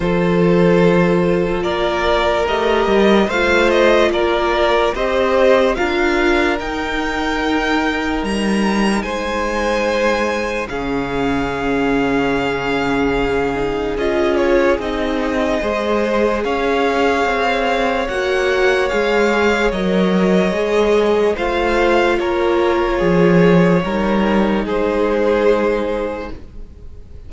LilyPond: <<
  \new Staff \with { instrumentName = "violin" } { \time 4/4 \tempo 4 = 73 c''2 d''4 dis''4 | f''8 dis''8 d''4 dis''4 f''4 | g''2 ais''4 gis''4~ | gis''4 f''2.~ |
f''4 dis''8 cis''8 dis''2 | f''2 fis''4 f''4 | dis''2 f''4 cis''4~ | cis''2 c''2 | }
  \new Staff \with { instrumentName = "violin" } { \time 4/4 a'2 ais'2 | c''4 ais'4 c''4 ais'4~ | ais'2. c''4~ | c''4 gis'2.~ |
gis'2. c''4 | cis''1~ | cis''2 c''4 ais'4 | gis'4 ais'4 gis'2 | }
  \new Staff \with { instrumentName = "viola" } { \time 4/4 f'2. g'4 | f'2 g'4 f'4 | dis'1~ | dis'4 cis'2.~ |
cis'8 dis'8 f'4 dis'4 gis'4~ | gis'2 fis'4 gis'4 | ais'4 gis'4 f'2~ | f'4 dis'2. | }
  \new Staff \with { instrumentName = "cello" } { \time 4/4 f2 ais4 a8 g8 | a4 ais4 c'4 d'4 | dis'2 g4 gis4~ | gis4 cis2.~ |
cis4 cis'4 c'4 gis4 | cis'4 c'4 ais4 gis4 | fis4 gis4 a4 ais4 | f4 g4 gis2 | }
>>